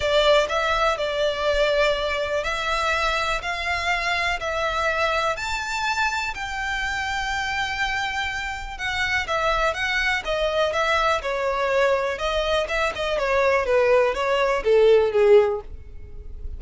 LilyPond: \new Staff \with { instrumentName = "violin" } { \time 4/4 \tempo 4 = 123 d''4 e''4 d''2~ | d''4 e''2 f''4~ | f''4 e''2 a''4~ | a''4 g''2.~ |
g''2 fis''4 e''4 | fis''4 dis''4 e''4 cis''4~ | cis''4 dis''4 e''8 dis''8 cis''4 | b'4 cis''4 a'4 gis'4 | }